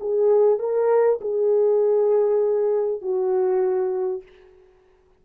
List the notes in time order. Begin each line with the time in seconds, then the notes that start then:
0.00 G#4
0.59 A#4
1.21 G#4
3.01 F#4